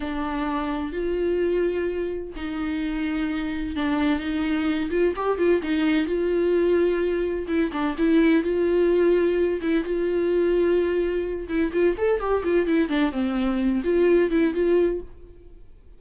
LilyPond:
\new Staff \with { instrumentName = "viola" } { \time 4/4 \tempo 4 = 128 d'2 f'2~ | f'4 dis'2. | d'4 dis'4. f'8 g'8 f'8 | dis'4 f'2. |
e'8 d'8 e'4 f'2~ | f'8 e'8 f'2.~ | f'8 e'8 f'8 a'8 g'8 f'8 e'8 d'8 | c'4. f'4 e'8 f'4 | }